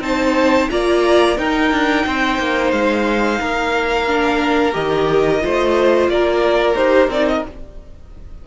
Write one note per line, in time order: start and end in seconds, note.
0.00 0.67 C4
0.00 0.69 D#4
0.00 0.71 C5
0.00 0.69 A5
0.70 1.38 A#3
0.70 1.37 F4
0.70 1.38 D5
0.70 1.37 A#5
1.37 4.06 D#4
1.37 1.71 D#4
1.37 2.06 A#4
1.37 2.71 G5
1.71 2.05 D4
2.06 2.38 C4
2.06 3.40 C5
2.38 2.72 A#3
2.71 3.39 G#3
2.71 4.73 F5
3.40 4.75 A#3
3.40 5.42 A#4
4.07 4.72 D4
4.72 5.43 D#3
4.72 5.40 G4
4.72 6.08 D#5
5.40 6.08 A3
5.40 6.75 F4
5.40 6.12 C5
6.08 6.75 A#3
6.08 7.47 A#4
6.08 6.76 D5
6.75 7.08 D#4
6.75 7.10 G4
6.75 7.09 C5
7.08 7.42 C4
7.08 7.46 D#4
7.08 7.28 D5
7.28 7.45 D#5